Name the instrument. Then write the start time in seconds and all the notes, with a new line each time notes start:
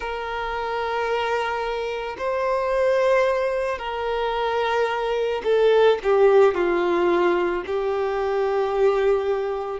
violin
0.00 A#4
2.18 C5
3.78 A#4
5.43 A4
6.03 G4
6.54 F4
7.66 G4